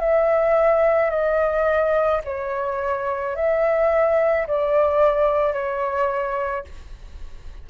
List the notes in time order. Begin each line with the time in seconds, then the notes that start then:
0.00 E5
1.10 D#5
2.25 C#5
3.36 E5
4.47 D5
5.54 C#5